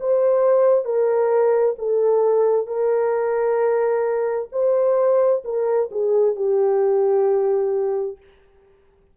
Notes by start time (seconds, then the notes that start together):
0.00 C5
0.85 A#4
1.79 A4
2.67 A#4
4.52 C5
5.45 A#4
5.91 G#4
6.36 G4